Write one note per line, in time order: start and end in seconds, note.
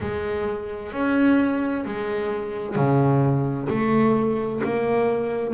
0.00 0.92 G#3
0.92 1.84 C#4
1.85 2.75 G#3
2.75 3.68 C#3
3.69 4.62 A3
4.64 5.53 A#3